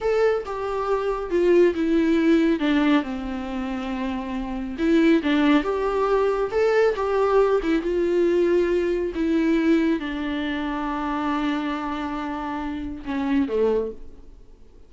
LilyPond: \new Staff \with { instrumentName = "viola" } { \time 4/4 \tempo 4 = 138 a'4 g'2 f'4 | e'2 d'4 c'4~ | c'2. e'4 | d'4 g'2 a'4 |
g'4. e'8 f'2~ | f'4 e'2 d'4~ | d'1~ | d'2 cis'4 a4 | }